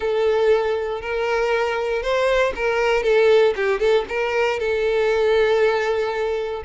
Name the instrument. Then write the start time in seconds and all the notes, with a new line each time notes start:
violin
0.00 A4
1.01 A#4
2.02 C5
2.55 A#4
3.03 A4
3.56 G4
3.79 A4
4.08 A#4
4.59 A4